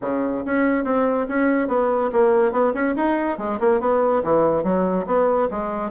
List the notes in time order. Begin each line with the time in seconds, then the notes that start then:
0.01 C#3
0.45 C#4
0.84 C4
1.28 C#4
1.68 B3
2.12 A#3
2.52 B3
2.73 C#4
2.96 D#4
3.37 G#3
3.60 A#3
3.80 B3
4.23 E3
4.63 F#3
5.06 B3
5.50 G#3